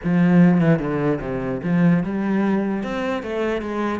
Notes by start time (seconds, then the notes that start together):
0.04 F3
0.60 E3
0.79 D3
1.20 C3
1.63 F3
2.03 G3
2.83 C4
3.22 A3
3.61 G#3